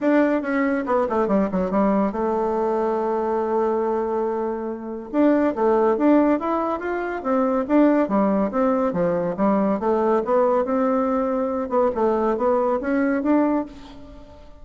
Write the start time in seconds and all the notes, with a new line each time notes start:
0.00 D4
0.42 C#4
0.85 B3
1.09 A3
1.27 G3
1.51 F#3
1.70 G3
2.12 A3
5.12 D4
5.55 A3
5.97 D4
6.39 E4
6.79 F4
7.22 C4
7.68 D4
8.08 G3
8.51 C4
8.92 F3
9.37 G3
9.79 A3
10.24 B3
10.64 C4
11.69 B3
11.95 A3
12.37 B3
12.81 C#4
13.22 D4